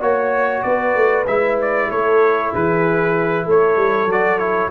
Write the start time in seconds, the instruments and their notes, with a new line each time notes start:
0.00 tuba A#3, trombone F#4, horn C#5, trumpet C#5
0.62 tuba B3, horn B4, trumpet D5
0.95 tuba A3
1.27 tuba G#3, trombone E4, trumpet E5
1.61 trumpet D5
1.89 tuba A3, horn A4, trumpet C#5
2.51 tuba E3, horn G#4, trumpet B4
3.45 tuba A3, horn A4, trumpet C#5
3.76 tuba G3
4.06 tuba F#3, trombone F#4, trumpet D5
4.38 trombone E4, trumpet C#5